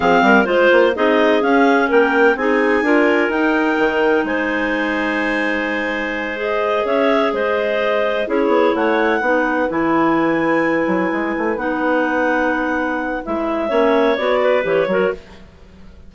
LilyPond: <<
  \new Staff \with { instrumentName = "clarinet" } { \time 4/4 \tempo 4 = 127 f''4 c''4 dis''4 f''4 | g''4 gis''2 g''4~ | g''4 gis''2.~ | gis''4. dis''4 e''4 dis''8~ |
dis''4. cis''4 fis''4.~ | fis''8 gis''2.~ gis''8~ | gis''8 fis''2.~ fis''8 | e''2 d''4 cis''4 | }
  \new Staff \with { instrumentName = "clarinet" } { \time 4/4 gis'8 ais'8 c''4 gis'2 | ais'4 gis'4 ais'2~ | ais'4 c''2.~ | c''2~ c''8 cis''4 c''8~ |
c''4. gis'4 cis''4 b'8~ | b'1~ | b'1~ | b'4 cis''4. b'4 ais'8 | }
  \new Staff \with { instrumentName = "clarinet" } { \time 4/4 c'4 f'4 dis'4 cis'4~ | cis'4 dis'4 f'4 dis'4~ | dis'1~ | dis'4. gis'2~ gis'8~ |
gis'4. e'2 dis'8~ | dis'8 e'2.~ e'8~ | e'8 dis'2.~ dis'8 | e'4 cis'4 fis'4 g'8 fis'8 | }
  \new Staff \with { instrumentName = "bassoon" } { \time 4/4 f8 g8 gis8 ais8 c'4 cis'4 | ais4 c'4 d'4 dis'4 | dis4 gis2.~ | gis2~ gis8 cis'4 gis8~ |
gis4. cis'8 b8 a4 b8~ | b8 e2~ e8 fis8 gis8 | a8 b2.~ b8 | gis4 ais4 b4 e8 fis8 | }
>>